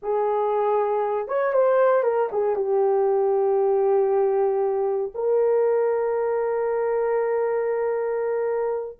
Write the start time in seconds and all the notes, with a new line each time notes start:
0.02 G#4
1.28 C#5
1.53 C5
2.03 A#4
2.32 G#4
2.55 G4
5.14 A#4